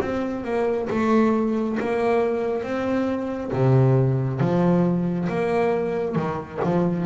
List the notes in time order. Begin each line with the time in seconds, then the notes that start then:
0.00 C4
0.44 A#3
0.90 A3
1.80 A#3
2.63 C4
3.53 C3
4.40 F3
5.29 A#3
6.15 D#3
6.63 F3